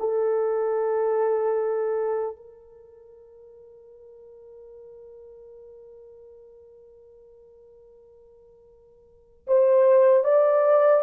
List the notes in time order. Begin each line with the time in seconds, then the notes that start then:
0.00 A4
2.36 A#4
9.48 C5
10.25 D5